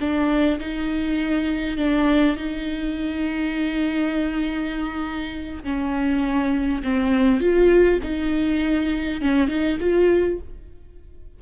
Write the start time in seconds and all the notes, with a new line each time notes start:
0.00 D4
0.60 D#4
1.77 D4
2.37 D#4
5.64 C#4
6.83 C4
7.40 F4
8.03 D#4
9.22 C#4
9.48 D#4
9.80 F4